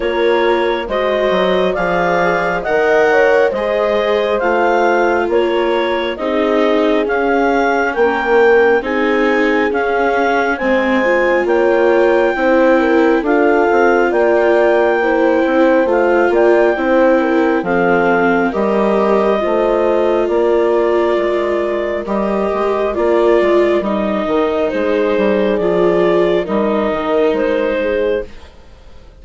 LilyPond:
<<
  \new Staff \with { instrumentName = "clarinet" } { \time 4/4 \tempo 4 = 68 cis''4 dis''4 f''4 fis''4 | dis''4 f''4 cis''4 dis''4 | f''4 g''4 gis''4 f''4 | gis''4 g''2 f''4 |
g''2 f''8 g''4. | f''4 dis''2 d''4~ | d''4 dis''4 d''4 dis''4 | c''4 d''4 dis''4 c''4 | }
  \new Staff \with { instrumentName = "horn" } { \time 4/4 ais'4 c''4 d''4 dis''8 cis''8 | c''2 ais'4 gis'4~ | gis'4 ais'4 gis'2 | c''4 cis''4 c''8 ais'8 a'4 |
d''4 c''4. d''8 c''8 ais'8 | a'4 ais'4 c''4 ais'4~ | ais'1 | gis'2 ais'4. gis'8 | }
  \new Staff \with { instrumentName = "viola" } { \time 4/4 f'4 fis'4 gis'4 ais'4 | gis'4 f'2 dis'4 | cis'2 dis'4 cis'4 | c'8 f'4. e'4 f'4~ |
f'4 e'4 f'4 e'4 | c'4 g'4 f'2~ | f'4 g'4 f'4 dis'4~ | dis'4 f'4 dis'2 | }
  \new Staff \with { instrumentName = "bassoon" } { \time 4/4 ais4 gis8 fis8 f4 dis4 | gis4 a4 ais4 c'4 | cis'4 ais4 c'4 cis'4 | gis4 ais4 c'4 d'8 c'8 |
ais4. c'8 a8 ais8 c'4 | f4 g4 a4 ais4 | gis4 g8 gis8 ais8 gis8 g8 dis8 | gis8 g8 f4 g8 dis8 gis4 | }
>>